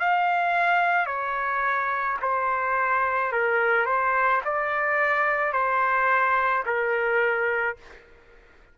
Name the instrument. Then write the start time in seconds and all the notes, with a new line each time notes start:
trumpet
0.00 F5
1.07 C#5
2.22 C5
3.32 A#4
3.86 C5
4.45 D5
5.53 C5
6.66 A#4